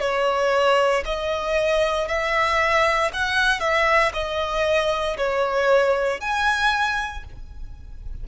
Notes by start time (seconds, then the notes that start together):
0.00 C#5
1.05 D#5
2.08 E5
3.13 F#5
3.60 E5
4.13 D#5
5.17 C#5
6.20 G#5